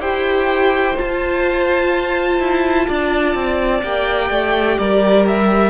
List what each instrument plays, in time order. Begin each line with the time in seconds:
0.00 cello E4, viola G4, violin C5 G5
0.96 viola F4, cello F4, violin A5
2.40 cello E4
2.88 cello D4, violin D5
3.35 cello C4
3.83 cello A#3, viola G4, violin G5
4.31 cello A3
4.79 cello G3, violin A#4 D5
5.28 violin E5